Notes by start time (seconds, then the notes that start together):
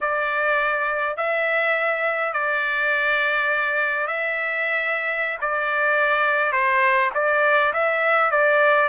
0.00 D5
1.16 E5
2.33 D5
4.07 E5
5.41 D5
6.52 C5
7.14 D5
7.73 E5
8.31 D5